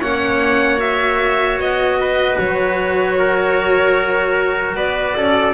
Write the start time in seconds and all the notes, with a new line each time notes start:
0.00 A#3 C#4 C#5 F#5
0.77 F#4 E5
1.57 B3 D#5
2.00 B4
2.38 F#3 C#5
3.18 A#4
4.75 B3 B4 D5
5.15 C#4 A4